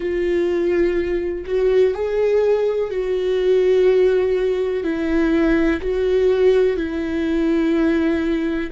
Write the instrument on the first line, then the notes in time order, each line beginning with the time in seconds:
viola
0.00 F4
1.45 F#4
1.94 G#4
2.90 F#4
4.83 E4
5.81 F#4
6.77 E4